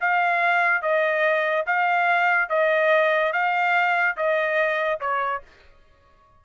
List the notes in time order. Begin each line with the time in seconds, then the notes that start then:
0.00 F5
0.81 D#5
1.66 F5
2.49 D#5
3.32 F5
4.16 D#5
5.00 C#5